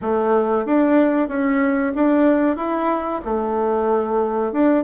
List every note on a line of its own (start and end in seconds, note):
0.01 0.65 A3
0.65 1.28 D4
1.28 1.93 C#4
1.95 2.56 D4
2.56 3.21 E4
3.25 4.52 A3
4.52 4.84 D4